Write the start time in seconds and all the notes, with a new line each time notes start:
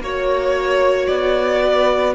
0.00 A#3 F#4 C#5
1.06 B3 D5
1.62 B4